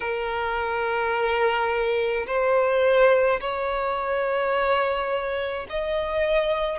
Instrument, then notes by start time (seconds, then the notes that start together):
violin
0.00 A#4
2.26 C5
3.40 C#5
5.69 D#5